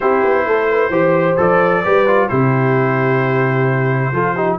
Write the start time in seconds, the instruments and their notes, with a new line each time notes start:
0.00 tuba C4, trombone E4, horn G4, trumpet C5
0.23 tuba B3
0.46 tuba A3, horn A4
0.70 horn B4
0.89 tuba E3, trombone G4, horn C5
1.37 tuba F3, trombone A4, trumpet D5
1.83 tuba G3, trombone G4, horn B4
2.07 trombone F4
2.28 tuba C3, trombone E4, horn G4, trumpet C5
4.12 tuba F3, trombone F4, horn A4
4.34 trombone D#4, horn G4